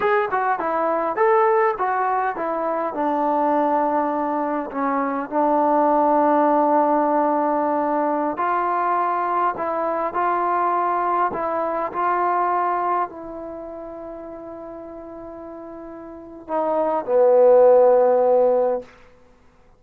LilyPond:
\new Staff \with { instrumentName = "trombone" } { \time 4/4 \tempo 4 = 102 gis'8 fis'8 e'4 a'4 fis'4 | e'4 d'2. | cis'4 d'2.~ | d'2~ d'16 f'4.~ f'16~ |
f'16 e'4 f'2 e'8.~ | e'16 f'2 e'4.~ e'16~ | e'1 | dis'4 b2. | }